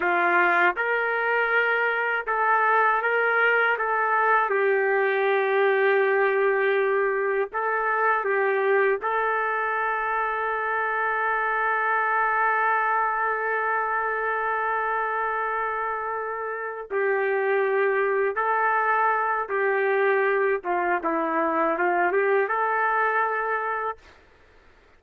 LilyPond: \new Staff \with { instrumentName = "trumpet" } { \time 4/4 \tempo 4 = 80 f'4 ais'2 a'4 | ais'4 a'4 g'2~ | g'2 a'4 g'4 | a'1~ |
a'1~ | a'2~ a'8 g'4.~ | g'8 a'4. g'4. f'8 | e'4 f'8 g'8 a'2 | }